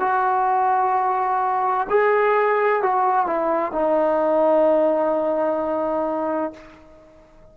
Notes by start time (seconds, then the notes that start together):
0.00 F#4
1.90 G#4
2.83 F#4
3.26 E4
3.72 D#4